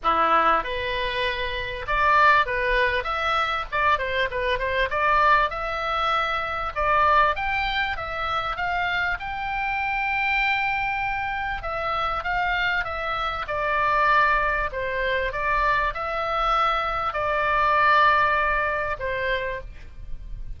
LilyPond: \new Staff \with { instrumentName = "oboe" } { \time 4/4 \tempo 4 = 98 e'4 b'2 d''4 | b'4 e''4 d''8 c''8 b'8 c''8 | d''4 e''2 d''4 | g''4 e''4 f''4 g''4~ |
g''2. e''4 | f''4 e''4 d''2 | c''4 d''4 e''2 | d''2. c''4 | }